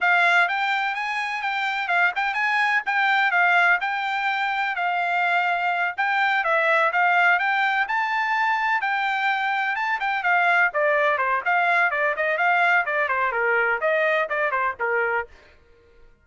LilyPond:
\new Staff \with { instrumentName = "trumpet" } { \time 4/4 \tempo 4 = 126 f''4 g''4 gis''4 g''4 | f''8 g''8 gis''4 g''4 f''4 | g''2 f''2~ | f''8 g''4 e''4 f''4 g''8~ |
g''8 a''2 g''4.~ | g''8 a''8 g''8 f''4 d''4 c''8 | f''4 d''8 dis''8 f''4 d''8 c''8 | ais'4 dis''4 d''8 c''8 ais'4 | }